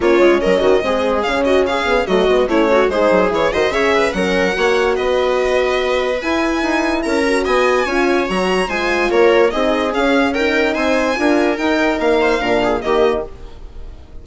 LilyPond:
<<
  \new Staff \with { instrumentName = "violin" } { \time 4/4 \tempo 4 = 145 cis''4 dis''2 f''8 dis''8 | f''4 dis''4 cis''4 c''4 | cis''8 dis''8 e''4 fis''2 | dis''2. gis''4~ |
gis''4 ais''4 gis''2 | ais''4 gis''4 cis''4 dis''4 | f''4 g''4 gis''2 | g''4 f''2 dis''4 | }
  \new Staff \with { instrumentName = "viola" } { \time 4/4 f'4 ais'8 fis'8 gis'4. fis'8 | gis'4 fis'4 e'8 fis'8 gis'4~ | gis'8 c''8 cis''8 b'8 ais'4 cis''4 | b'1~ |
b'4 ais'4 dis''4 cis''4~ | cis''4 c''4 ais'4 gis'4~ | gis'4 ais'4 c''4 ais'4~ | ais'4. c''8 ais'8 gis'8 g'4 | }
  \new Staff \with { instrumentName = "horn" } { \time 4/4 cis'2 c'4 cis'4~ | cis'8 b8 a8 b8 cis'4 dis'4 | e'8 fis'8 gis'4 cis'4 fis'4~ | fis'2. e'4~ |
e'4. fis'4. f'4 | fis'4 f'2 dis'4 | cis'4 dis'2 f'4 | dis'2 d'4 ais4 | }
  \new Staff \with { instrumentName = "bassoon" } { \time 4/4 ais8 gis8 fis8 dis8 gis4 cis4~ | cis4 fis8 gis8 a4 gis8 fis8 | e8 dis8 cis4 fis4 ais4 | b2. e'4 |
dis'4 cis'4 b4 cis'4 | fis4 gis4 ais4 c'4 | cis'2 c'4 d'4 | dis'4 ais4 ais,4 dis4 | }
>>